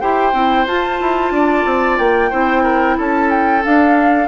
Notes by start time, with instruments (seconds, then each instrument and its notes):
0.00 bassoon E4, clarinet G4, oboe C5, flute G5
0.34 bassoon C4, clarinet E4
0.67 bassoon F4, clarinet F4, flute A5
1.00 bassoon E4
1.31 bassoon D4, oboe D5
1.66 bassoon C4
1.98 bassoon A#3, flute G5
2.30 bassoon C4, clarinet E4, oboe C5
2.63 oboe A#4
2.98 bassoon C#4, oboe A4, flute A5
3.30 flute G5
3.63 clarinet D4, bassoon D4, flute F5